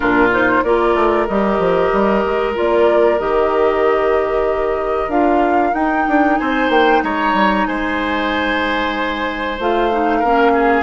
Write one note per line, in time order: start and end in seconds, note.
0.00 0.61 A#2
0.00 0.29 D4
0.00 0.63 F4
0.00 0.28 A#4
0.31 0.63 D#4
0.31 0.63 C5
0.63 0.95 A#3
0.63 1.28 F4
0.63 6.38 A#4
0.63 1.27 D5
0.95 1.26 A3
1.27 1.58 G3
1.27 2.54 G4
1.27 2.55 D#5
1.58 1.90 F3
1.92 2.24 G3
2.25 2.57 G#3
2.54 3.19 A#3
2.54 3.18 F4
2.54 3.19 D5
3.18 5.08 D#3
3.18 5.10 G4
3.18 5.10 D#5
5.08 5.72 D4
5.08 5.73 F4
5.08 5.74 F5
5.73 9.56 D#4
5.73 6.05 D#4
5.73 6.37 G5
6.07 6.39 D4
6.37 6.69 C4
6.37 7.03 C5
6.37 6.69 G#5
6.69 7.01 A#3
6.69 7.02 G5
7.03 7.33 G#3
7.03 7.67 C#5
7.03 7.66 A#5
7.33 7.65 G3
7.66 9.59 G#3
7.66 10.19 C5
7.66 9.57 G#5
9.59 10.23 A3
9.59 9.91 F4
9.59 10.82 F5
9.91 10.23 D#4
10.19 10.82 A#3
10.19 10.82 C#4
10.19 10.51 A#4
10.53 10.82 G#4